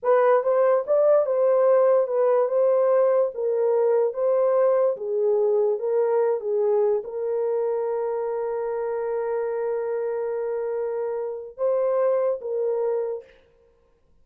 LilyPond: \new Staff \with { instrumentName = "horn" } { \time 4/4 \tempo 4 = 145 b'4 c''4 d''4 c''4~ | c''4 b'4 c''2 | ais'2 c''2 | gis'2 ais'4. gis'8~ |
gis'4 ais'2.~ | ais'1~ | ais'1 | c''2 ais'2 | }